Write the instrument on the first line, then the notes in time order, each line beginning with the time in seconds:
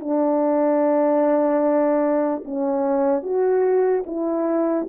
horn
0.00 D4
2.45 C#4
3.23 F#4
4.07 E4